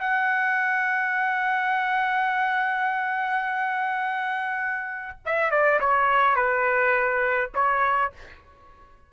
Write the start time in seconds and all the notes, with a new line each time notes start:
0.00 F#5
5.26 E5
5.51 D5
5.80 C#5
6.36 B4
7.54 C#5